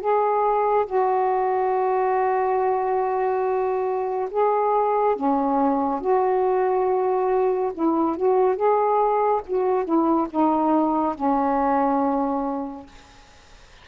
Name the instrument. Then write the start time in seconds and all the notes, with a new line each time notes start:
saxophone
0.00 G#4
0.86 F#4
4.31 G#4
5.16 C#4
6.00 F#4
7.74 E4
8.16 F#4
8.56 G#4
9.46 F#4
9.84 E4
10.30 D#4
11.15 C#4